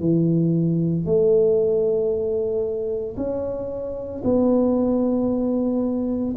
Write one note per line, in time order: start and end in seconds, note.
0.00 1.05 E3
1.05 3.16 A3
3.16 4.22 C#4
4.24 6.34 B3